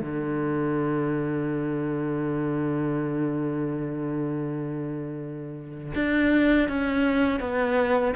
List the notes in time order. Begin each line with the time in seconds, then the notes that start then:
0.00 D3
5.95 D4
6.68 C#4
7.40 B3